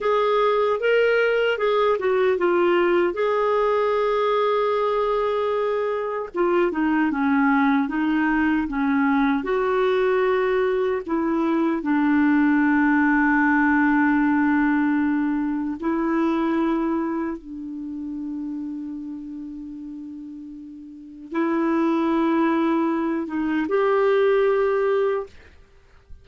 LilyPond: \new Staff \with { instrumentName = "clarinet" } { \time 4/4 \tempo 4 = 76 gis'4 ais'4 gis'8 fis'8 f'4 | gis'1 | f'8 dis'8 cis'4 dis'4 cis'4 | fis'2 e'4 d'4~ |
d'1 | e'2 d'2~ | d'2. e'4~ | e'4. dis'8 g'2 | }